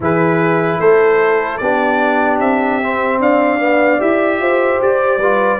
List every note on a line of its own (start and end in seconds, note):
0.00 0.79 E3
0.00 1.61 E4
0.00 0.80 G#4
0.00 0.80 B4
0.79 1.59 A3
0.79 1.60 A4
0.79 1.57 C5
1.57 2.39 B3
1.57 2.82 D4
1.57 3.20 G4
1.57 2.37 D5
2.39 3.19 C4
2.39 3.20 E5
2.82 3.59 C4
3.19 3.99 D4
3.19 4.41 D5
3.19 4.00 F5
3.59 3.99 B3
3.99 4.39 E4
3.99 5.19 G4
3.99 4.80 E5
4.39 4.79 F4
4.39 5.19 C5
4.80 5.17 G4
4.80 5.59 D5
5.17 5.57 G3
5.17 5.59 F4
5.17 5.59 B4